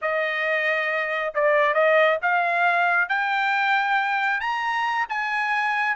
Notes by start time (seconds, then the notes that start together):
0.01 D#5
1.34 D5
1.74 D#5
2.22 F5
3.08 G5
4.40 A#5
5.09 G#5